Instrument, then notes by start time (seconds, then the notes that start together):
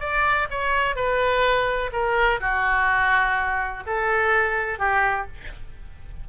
oboe
0.00 D5
0.51 C#5
0.96 B4
1.93 A#4
2.41 F#4
3.87 A4
4.79 G4